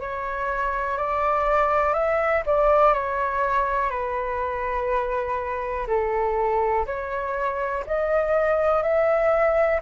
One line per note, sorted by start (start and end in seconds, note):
0.00 0.97 C#5
0.97 1.94 D5
1.94 2.43 E5
2.46 2.94 D5
2.94 3.90 C#5
3.90 5.87 B4
5.87 6.85 A4
6.86 7.84 C#5
7.86 8.82 D#5
8.82 9.80 E5